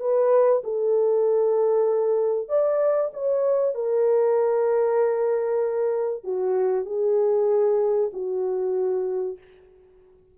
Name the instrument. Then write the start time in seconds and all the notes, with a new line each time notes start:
horn
0.00 B4
0.64 A4
2.49 D5
3.14 C#5
3.75 A#4
6.24 F#4
6.86 G#4
8.13 F#4